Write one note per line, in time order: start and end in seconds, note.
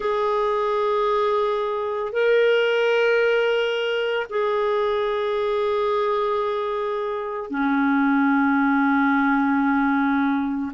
0.00 2.12 G#4
2.12 4.26 A#4
4.29 7.50 G#4
7.50 10.71 C#4